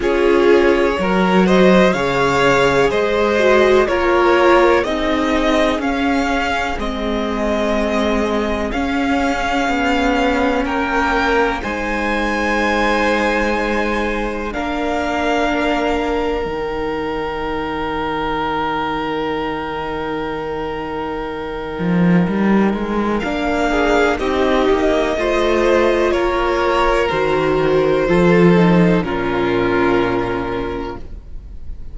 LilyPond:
<<
  \new Staff \with { instrumentName = "violin" } { \time 4/4 \tempo 4 = 62 cis''4. dis''8 f''4 dis''4 | cis''4 dis''4 f''4 dis''4~ | dis''4 f''2 g''4 | gis''2. f''4~ |
f''4 g''2.~ | g''1 | f''4 dis''2 cis''4 | c''2 ais'2 | }
  \new Staff \with { instrumentName = "violin" } { \time 4/4 gis'4 ais'8 c''8 cis''4 c''4 | ais'4 gis'2.~ | gis'2. ais'4 | c''2. ais'4~ |
ais'1~ | ais'1~ | ais'8 gis'8 g'4 c''4 ais'4~ | ais'4 a'4 f'2 | }
  \new Staff \with { instrumentName = "viola" } { \time 4/4 f'4 fis'4 gis'4. fis'8 | f'4 dis'4 cis'4 c'4~ | c'4 cis'2. | dis'2. d'4~ |
d'4 dis'2.~ | dis'1 | d'4 dis'4 f'2 | fis'4 f'8 dis'8 cis'2 | }
  \new Staff \with { instrumentName = "cello" } { \time 4/4 cis'4 fis4 cis4 gis4 | ais4 c'4 cis'4 gis4~ | gis4 cis'4 b4 ais4 | gis2. ais4~ |
ais4 dis2.~ | dis2~ dis8 f8 g8 gis8 | ais4 c'8 ais8 a4 ais4 | dis4 f4 ais,2 | }
>>